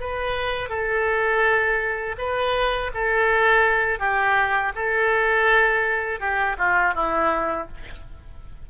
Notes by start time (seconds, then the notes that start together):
0.00 B4
0.69 A4
2.18 B4
2.94 A4
3.99 G4
4.75 A4
6.20 G4
6.58 F4
6.95 E4